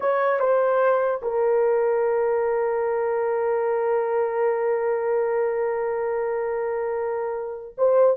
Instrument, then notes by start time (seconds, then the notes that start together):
horn
0.00 C#5
0.39 C5
1.22 A#4
7.77 C5